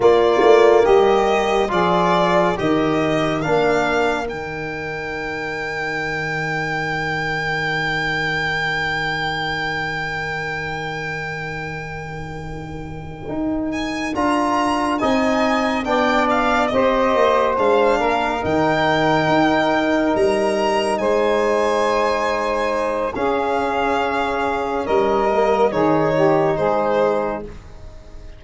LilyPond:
<<
  \new Staff \with { instrumentName = "violin" } { \time 4/4 \tempo 4 = 70 d''4 dis''4 d''4 dis''4 | f''4 g''2.~ | g''1~ | g''1 |
gis''8 ais''4 gis''4 g''8 f''8 dis''8~ | dis''8 f''4 g''2 ais''8~ | ais''8 gis''2~ gis''8 f''4~ | f''4 dis''4 cis''4 c''4 | }
  \new Staff \with { instrumentName = "saxophone" } { \time 4/4 f'4 g'4 gis'4 ais'4~ | ais'1~ | ais'1~ | ais'1~ |
ais'4. dis''4 d''4 c''8~ | c''4 ais'2.~ | ais'8 c''2~ c''8 gis'4~ | gis'4 ais'4 gis'8 g'8 gis'4 | }
  \new Staff \with { instrumentName = "trombone" } { \time 4/4 ais2 f'4 g'4 | d'4 dis'2.~ | dis'1~ | dis'1~ |
dis'8 f'4 dis'4 d'4 g'8~ | g'8 d'4 dis'2~ dis'8~ | dis'2. cis'4~ | cis'4. ais8 dis'2 | }
  \new Staff \with { instrumentName = "tuba" } { \time 4/4 ais8 a8 g4 f4 dis4 | ais4 dis2.~ | dis1~ | dis2.~ dis8 dis'8~ |
dis'8 d'4 c'4 b4 c'8 | ais8 gis8 ais8 dis4 dis'4 g8~ | g8 gis2~ gis8 cis'4~ | cis'4 g4 dis4 gis4 | }
>>